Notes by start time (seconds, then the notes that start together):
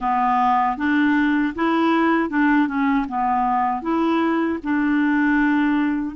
0.00 B3
0.77 D4
1.55 E4
2.29 D4
2.67 C#4
3.08 B3
3.81 E4
4.63 D4